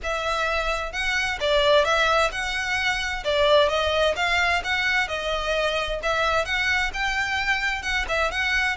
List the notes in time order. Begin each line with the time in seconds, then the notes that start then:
0.03 E5
0.92 F#5
1.40 D5
1.84 E5
2.31 F#5
3.24 D5
3.68 D#5
4.16 F5
4.64 F#5
5.08 D#5
6.02 E5
6.45 F#5
6.93 G5
7.82 F#5
8.08 E5
8.31 F#5